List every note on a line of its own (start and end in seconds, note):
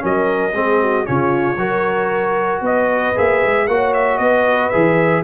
0.00 0.53 F#3
0.00 0.52 C#4
0.00 0.55 A#4
0.00 1.06 D#5
0.53 1.06 G#3
0.53 1.05 C4
0.53 0.81 G#4
0.81 1.07 F#4
1.05 1.57 C#3
1.05 1.57 C#4
1.05 1.59 F4
1.05 2.63 C#5
1.57 2.61 F#3
1.57 3.15 F#4
1.57 2.63 A#4
2.61 3.14 B3
2.61 3.69 B4
2.61 3.18 D#5
3.16 3.44 A#3
3.16 3.68 G#4
3.16 3.67 E5
3.45 3.68 G#3
3.67 4.19 A#3
3.67 4.72 F#4
3.67 4.19 C#5
3.67 3.93 F#5
3.94 4.18 E5
4.18 4.71 B3
4.18 5.23 B4
4.18 4.70 D#5
4.70 5.24 E3
4.70 5.24 G#4
4.70 5.22 E5